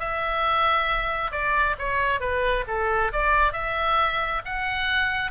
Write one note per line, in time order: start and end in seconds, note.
0.00 1.31 E5
1.31 1.76 D5
1.79 2.20 C#5
2.20 2.65 B4
2.67 3.12 A4
3.13 3.53 D5
3.53 4.42 E5
4.45 5.31 F#5